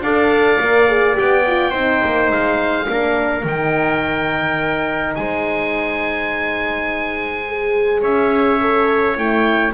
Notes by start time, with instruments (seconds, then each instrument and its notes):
0.00 double bass D4, horn A4, trumpet D5, oboe F5
0.60 double bass A#3, horn A#4
0.88 horn G#4
1.13 double bass B3, horn G4, oboe G5
1.47 horn F4
1.70 double bass C4, horn D#4, trumpet C5
2.04 double bass A#3
2.30 double bass G#3, oboe F5
2.87 double bass A#3, horn D4, trumpet A#4
3.44 double bass D#3, horn D#4, oboe G5
5.15 double bass G#3, trumpet C5, oboe G#5
7.48 horn G#4
8.01 double bass C#4, trumpet C#5, oboe E5
8.61 horn A4
9.15 double bass A3, horn E4, oboe G5